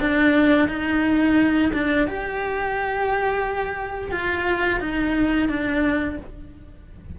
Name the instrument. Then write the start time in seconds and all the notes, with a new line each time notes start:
cello
0.00 D4
0.68 D#4
1.73 D4
2.08 G4
4.12 F4
4.81 D#4
5.49 D4